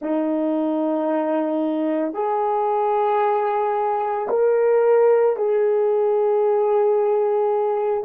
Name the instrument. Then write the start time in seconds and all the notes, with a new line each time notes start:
horn
0.01 D#4
2.13 G#4
4.29 A#4
5.36 G#4